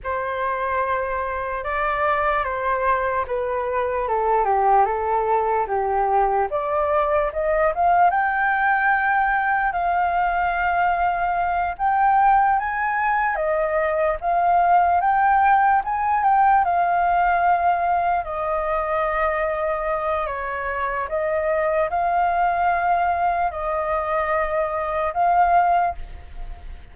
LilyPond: \new Staff \with { instrumentName = "flute" } { \time 4/4 \tempo 4 = 74 c''2 d''4 c''4 | b'4 a'8 g'8 a'4 g'4 | d''4 dis''8 f''8 g''2 | f''2~ f''8 g''4 gis''8~ |
gis''8 dis''4 f''4 g''4 gis''8 | g''8 f''2 dis''4.~ | dis''4 cis''4 dis''4 f''4~ | f''4 dis''2 f''4 | }